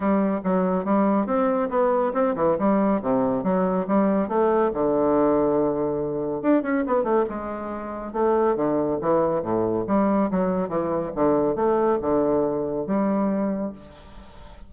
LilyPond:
\new Staff \with { instrumentName = "bassoon" } { \time 4/4 \tempo 4 = 140 g4 fis4 g4 c'4 | b4 c'8 e8 g4 c4 | fis4 g4 a4 d4~ | d2. d'8 cis'8 |
b8 a8 gis2 a4 | d4 e4 a,4 g4 | fis4 e4 d4 a4 | d2 g2 | }